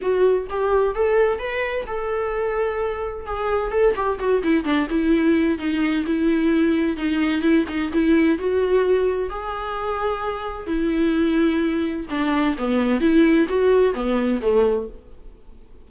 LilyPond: \new Staff \with { instrumentName = "viola" } { \time 4/4 \tempo 4 = 129 fis'4 g'4 a'4 b'4 | a'2. gis'4 | a'8 g'8 fis'8 e'8 d'8 e'4. | dis'4 e'2 dis'4 |
e'8 dis'8 e'4 fis'2 | gis'2. e'4~ | e'2 d'4 b4 | e'4 fis'4 b4 a4 | }